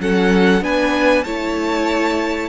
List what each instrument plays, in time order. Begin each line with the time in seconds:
0.00 cello F#3, viola C#4, violin A4 F#5
0.61 cello B3, viola D4, violin B4 G#5
1.24 cello A3, viola E4, violin C#5 A5